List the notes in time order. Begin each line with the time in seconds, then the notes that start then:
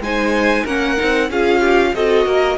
0.00 G#3 D#4 C5 G#5
0.64 A#3 C#4 A#4 F#5
0.97 C4 D#4
1.30 C#4 F4 G#4 F5
1.60 G4
1.95 C4 F#4 A4 D#5
2.25 A#3 A#4